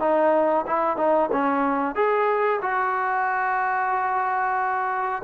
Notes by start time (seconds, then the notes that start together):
0.00 D#4
0.67 E4
0.97 D#4
1.32 C#4
1.95 G#4
2.62 F#4